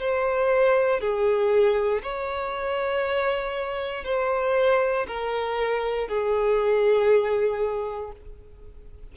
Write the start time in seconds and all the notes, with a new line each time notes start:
0.00 C5
1.01 G#4
2.03 C#5
4.05 C5
5.08 A#4
6.09 G#4